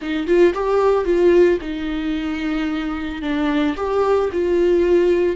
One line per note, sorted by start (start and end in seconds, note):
0.01 0.26 D#4
0.26 0.53 F4
0.54 1.04 G4
1.04 1.58 F4
1.61 3.21 D#4
3.22 3.75 D4
3.76 4.30 G4
4.32 5.36 F4